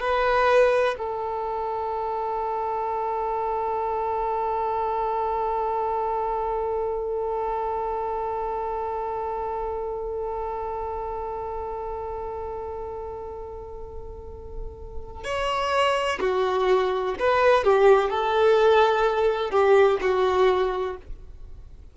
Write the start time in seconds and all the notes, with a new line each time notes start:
0.00 B4
0.98 A4
15.24 C#5
16.20 F#4
17.19 B4
17.64 G4
18.10 A4
19.51 G4
20.01 F#4